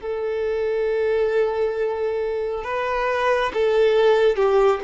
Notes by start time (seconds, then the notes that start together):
0.00 A4
2.64 B4
3.53 A4
4.36 G4